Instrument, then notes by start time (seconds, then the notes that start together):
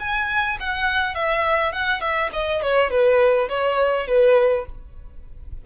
violin
0.00 G#5
0.60 F#5
1.15 E5
1.73 F#5
2.01 E5
2.33 D#5
2.62 C#5
2.90 B4
3.49 C#5
4.08 B4